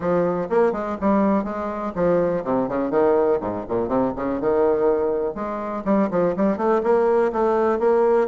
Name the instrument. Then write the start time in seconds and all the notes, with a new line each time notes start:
bassoon
0.00 F3
0.49 A#3
0.72 G#3
1.00 G3
1.43 G#3
1.95 F3
2.44 C3
2.68 C#3
2.90 D#3
3.40 G#2
3.69 A#2
3.88 C3
4.16 C#3
4.40 D#3
5.34 G#3
5.84 G3
6.10 F3
6.36 G3
6.57 A3
6.83 A#3
7.32 A3
7.79 A#3